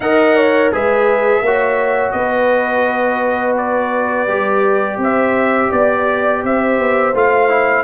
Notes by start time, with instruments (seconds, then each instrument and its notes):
0.00 tuba D#4, trombone A#4, horn D#5, trumpet F#5
0.35 horn C#5
0.72 tuba G#3, trombone G#4, horn B4, trumpet E5
1.41 tuba A#3, trombone F#4, horn C#5
2.11 tuba B3, horn B4, trumpet D#5
3.57 trumpet D5
4.27 tuba G3, trombone G4
4.97 tuba C4, horn C5
5.03 trumpet E5
5.69 tuba B3, horn D5, trumpet D5
6.43 tuba C4, horn C5, trumpet E5
6.79 tuba B3
7.13 tuba A3, trombone F4, trumpet F5
7.49 trombone E4